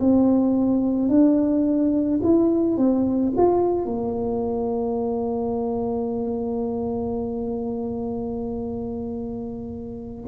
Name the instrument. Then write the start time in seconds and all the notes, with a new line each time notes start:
tuba
0.00 C4
1.09 D4
2.23 E4
2.77 C4
3.37 F4
3.85 A#3